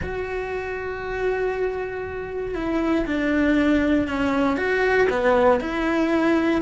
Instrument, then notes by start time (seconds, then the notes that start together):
cello
0.02 F#4
2.54 E4
3.06 D4
4.07 C#4
4.56 F#4
5.09 B3
5.60 E4